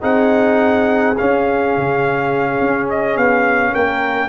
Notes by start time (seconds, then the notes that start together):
0.00 C4 D#4 G#4 F#5
1.17 C#4 F5
1.77 C#3
2.60 C#4
2.89 D#5
3.16 B3 F5
3.72 A#3 A#4 G5